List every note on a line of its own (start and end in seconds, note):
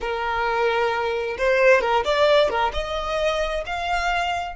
0.00 1.37 A#4
1.38 1.81 C5
1.81 2.03 A#4
2.04 2.49 D5
2.49 2.72 A#4
2.73 3.64 D#5
3.66 4.55 F5